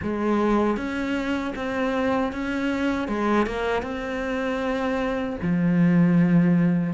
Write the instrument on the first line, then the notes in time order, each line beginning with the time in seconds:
cello
0.02 G#3
0.76 C#4
1.55 C4
2.32 C#4
3.08 G#3
3.46 A#3
3.82 C4
5.42 F3